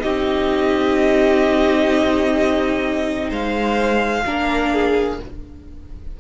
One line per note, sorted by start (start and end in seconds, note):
0.00 3.31 C4
0.00 4.22 D#4
0.00 3.30 G4
0.00 3.30 D#5
3.30 4.25 G#3
3.30 4.23 C5
3.30 5.20 F5
4.26 5.20 A#3
4.26 5.20 D4
4.26 4.73 A#4
4.73 5.20 G#4